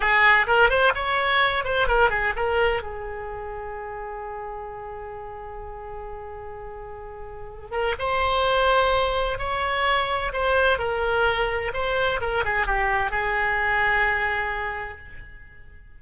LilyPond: \new Staff \with { instrumentName = "oboe" } { \time 4/4 \tempo 4 = 128 gis'4 ais'8 c''8 cis''4. c''8 | ais'8 gis'8 ais'4 gis'2~ | gis'1~ | gis'1~ |
gis'8 ais'8 c''2. | cis''2 c''4 ais'4~ | ais'4 c''4 ais'8 gis'8 g'4 | gis'1 | }